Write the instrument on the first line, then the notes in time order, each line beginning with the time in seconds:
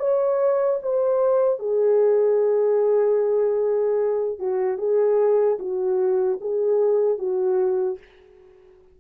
horn
0.00 C#5
0.83 C5
1.59 G#4
4.39 F#4
4.79 G#4
5.59 F#4
6.41 G#4
7.19 F#4